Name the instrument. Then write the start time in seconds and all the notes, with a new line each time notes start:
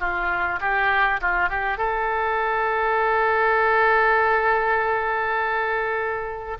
oboe
0.00 F4
0.61 G4
1.22 F4
1.49 G4
1.78 A4